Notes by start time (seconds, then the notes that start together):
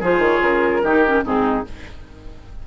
0.00 F3 F4 G#4 C5
0.19 D#3 C#5
0.42 C#3 A#4
0.83 D#3 D#4 G4
1.06 C#4
1.24 G#2 C4 D#4 G#4